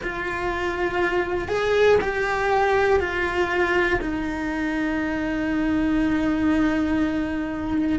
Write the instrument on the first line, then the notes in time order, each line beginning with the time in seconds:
cello
0.03 F4
1.48 G#4
2.01 G4
3.00 F4
4.00 D#4